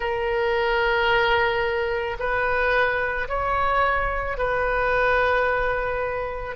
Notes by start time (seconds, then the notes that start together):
0.00 A#4
2.19 B4
3.28 C#5
4.37 B4